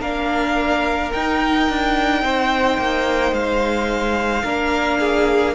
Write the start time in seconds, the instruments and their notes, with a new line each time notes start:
0.00 cello A#3, viola D4, violin A#4 F5
1.12 cello D#4, viola D#4, violin G5
1.69 cello D4
2.22 cello C4, violin C5
2.78 cello A#3
3.32 cello G#3, violin F5
4.43 cello A#3, viola D4, violin A#4
4.99 violin G#4